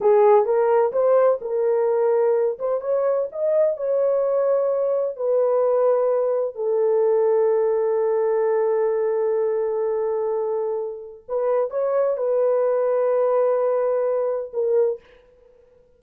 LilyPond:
\new Staff \with { instrumentName = "horn" } { \time 4/4 \tempo 4 = 128 gis'4 ais'4 c''4 ais'4~ | ais'4. c''8 cis''4 dis''4 | cis''2. b'4~ | b'2 a'2~ |
a'1~ | a'1 | b'4 cis''4 b'2~ | b'2. ais'4 | }